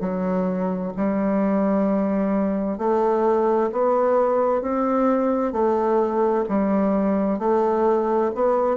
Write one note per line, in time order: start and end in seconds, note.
0.00 0.92 F#3
0.97 2.78 G3
2.78 3.70 A3
3.72 4.61 B3
4.61 5.52 C4
5.52 6.44 A3
6.49 7.39 G3
7.39 8.31 A3
8.35 8.77 B3